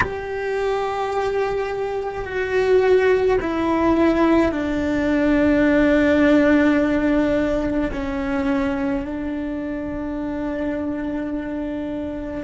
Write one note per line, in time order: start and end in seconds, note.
0.00 2.24 G4
2.24 3.38 F#4
3.41 4.51 E4
4.51 7.91 D4
7.92 9.05 C#4
9.05 12.43 D4